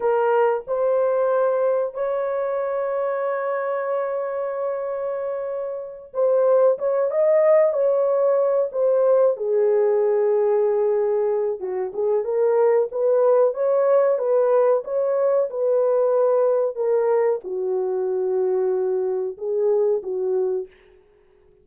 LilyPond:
\new Staff \with { instrumentName = "horn" } { \time 4/4 \tempo 4 = 93 ais'4 c''2 cis''4~ | cis''1~ | cis''4. c''4 cis''8 dis''4 | cis''4. c''4 gis'4.~ |
gis'2 fis'8 gis'8 ais'4 | b'4 cis''4 b'4 cis''4 | b'2 ais'4 fis'4~ | fis'2 gis'4 fis'4 | }